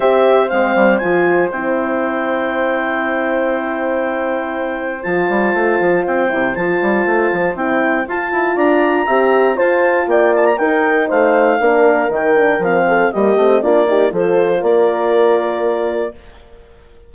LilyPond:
<<
  \new Staff \with { instrumentName = "clarinet" } { \time 4/4 \tempo 4 = 119 e''4 f''4 gis''4 g''4~ | g''1~ | g''2 a''2 | g''4 a''2 g''4 |
a''4 ais''2 a''4 | g''8 a''16 ais''16 g''4 f''2 | g''4 f''4 dis''4 d''4 | c''4 d''2. | }
  \new Staff \with { instrumentName = "horn" } { \time 4/4 c''1~ | c''1~ | c''1~ | c''1~ |
c''4 d''4 e''4 c''4 | d''4 ais'4 c''4 ais'4~ | ais'4. a'8 g'4 f'8 g'8 | a'4 ais'2. | }
  \new Staff \with { instrumentName = "horn" } { \time 4/4 g'4 c'4 f'4 e'4~ | e'1~ | e'2 f'2~ | f'8 e'8 f'2 e'4 |
f'2 g'4 f'4~ | f'4 dis'2 d'4 | dis'8 d'8 c'4 ais8 c'8 d'8 dis'8 | f'1 | }
  \new Staff \with { instrumentName = "bassoon" } { \time 4/4 c'4 gis8 g8 f4 c'4~ | c'1~ | c'2 f8 g8 a8 f8 | c'8 c8 f8 g8 a8 f8 c'4 |
f'8 e'8 d'4 c'4 f'4 | ais4 dis'4 a4 ais4 | dis4 f4 g8 a8 ais4 | f4 ais2. | }
>>